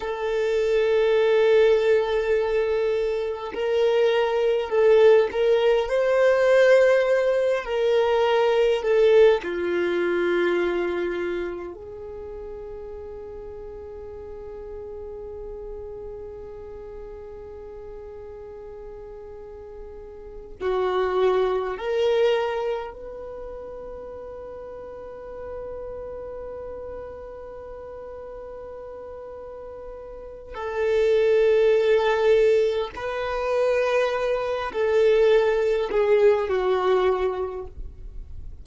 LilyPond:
\new Staff \with { instrumentName = "violin" } { \time 4/4 \tempo 4 = 51 a'2. ais'4 | a'8 ais'8 c''4. ais'4 a'8 | f'2 gis'2~ | gis'1~ |
gis'4. fis'4 ais'4 b'8~ | b'1~ | b'2 a'2 | b'4. a'4 gis'8 fis'4 | }